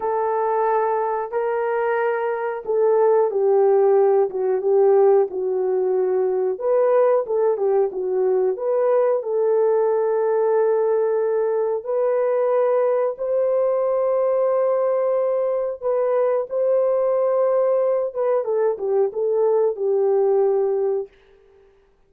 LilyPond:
\new Staff \with { instrumentName = "horn" } { \time 4/4 \tempo 4 = 91 a'2 ais'2 | a'4 g'4. fis'8 g'4 | fis'2 b'4 a'8 g'8 | fis'4 b'4 a'2~ |
a'2 b'2 | c''1 | b'4 c''2~ c''8 b'8 | a'8 g'8 a'4 g'2 | }